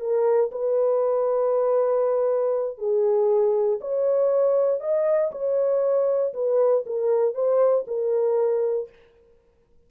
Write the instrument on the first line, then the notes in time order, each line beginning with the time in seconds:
horn
0.00 A#4
0.52 B4
2.79 G#4
3.81 C#5
4.81 D#5
5.32 C#5
6.34 B4
6.86 A#4
7.35 C5
7.88 A#4